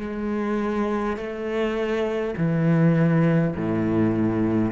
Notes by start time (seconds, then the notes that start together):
0.00 G#3
1.17 A3
2.37 E3
3.56 A2